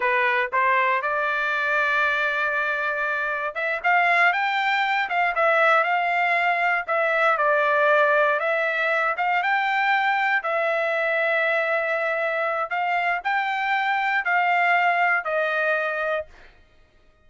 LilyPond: \new Staff \with { instrumentName = "trumpet" } { \time 4/4 \tempo 4 = 118 b'4 c''4 d''2~ | d''2. e''8 f''8~ | f''8 g''4. f''8 e''4 f''8~ | f''4. e''4 d''4.~ |
d''8 e''4. f''8 g''4.~ | g''8 e''2.~ e''8~ | e''4 f''4 g''2 | f''2 dis''2 | }